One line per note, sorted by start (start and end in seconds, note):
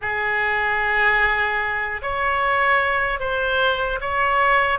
0.01 2.01 G#4
2.01 3.19 C#5
3.19 3.99 C5
4.00 4.79 C#5